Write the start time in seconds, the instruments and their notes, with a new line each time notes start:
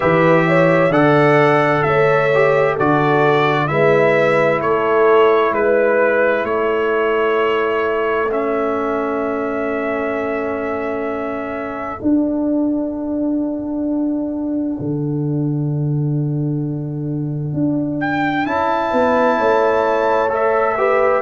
0.00 tuba E3, trombone G4, horn B4, trumpet E5
0.47 horn C#5
0.90 tuba D3, trombone A4, horn D5, trumpet F#5
1.82 tuba A3, horn C#5, trumpet E5
2.34 trombone G4
2.72 horn A4
2.79 tuba D3, trombone F#4, trumpet D5
3.67 tuba G#3, trombone E4, horn B4, trumpet E5
4.61 tuba A3, horn A4, trumpet C#5
5.51 tuba G#3, trumpet B4, horn B4
6.43 tuba A3, horn A4, trumpet C#5
8.30 trombone C#4, trumpet E5
11.99 trombone D4, tuba D4, trumpet F#5
14.79 tuba D3
17.53 tuba D4
18.00 trumpet G5
18.45 tuba C#4, trombone E4, trumpet A5
18.90 tuba B3, horn B4
19.38 tuba A3, horn C#5
20.29 trombone A4, trumpet E5
20.77 trombone G4, horn B4